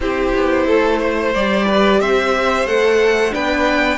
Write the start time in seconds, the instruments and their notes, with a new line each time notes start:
0.00 cello C4, viola E4, violin G4 C5
0.35 cello B3
0.66 cello A3, violin A4
0.98 violin C5
1.34 cello G3, viola G4, violin D5
1.67 violin B4
2.00 cello C4, violin C5 E5
2.65 cello A3, viola A4, violin F#5
3.31 cello B3, viola D4, violin B4 G5